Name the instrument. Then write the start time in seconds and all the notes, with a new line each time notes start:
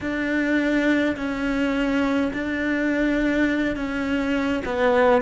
cello
0.00 D4
1.16 C#4
2.33 D4
3.76 C#4
4.65 B3